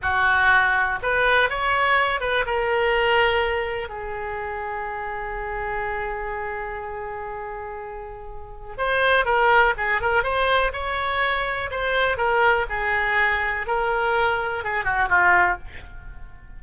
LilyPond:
\new Staff \with { instrumentName = "oboe" } { \time 4/4 \tempo 4 = 123 fis'2 b'4 cis''4~ | cis''8 b'8 ais'2. | gis'1~ | gis'1~ |
gis'2 c''4 ais'4 | gis'8 ais'8 c''4 cis''2 | c''4 ais'4 gis'2 | ais'2 gis'8 fis'8 f'4 | }